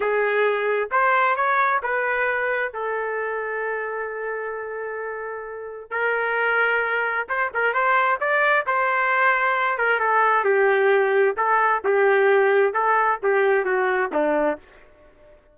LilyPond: \new Staff \with { instrumentName = "trumpet" } { \time 4/4 \tempo 4 = 132 gis'2 c''4 cis''4 | b'2 a'2~ | a'1~ | a'4 ais'2. |
c''8 ais'8 c''4 d''4 c''4~ | c''4. ais'8 a'4 g'4~ | g'4 a'4 g'2 | a'4 g'4 fis'4 d'4 | }